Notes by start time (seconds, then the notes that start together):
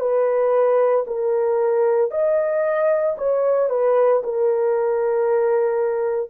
0.00 B4
1.07 A#4
2.11 D#5
3.18 C#5
3.70 B4
4.24 A#4